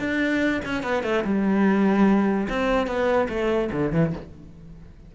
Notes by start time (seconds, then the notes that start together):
0.00 D4
0.65 C#4
0.83 B3
1.04 A3
1.25 G3
2.50 C4
2.87 B3
3.30 A3
3.72 D3
3.93 E3